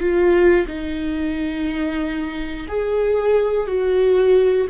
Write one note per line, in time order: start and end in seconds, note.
0.00 0.67 F4
0.67 2.67 D#4
2.68 3.67 G#4
3.67 4.67 F#4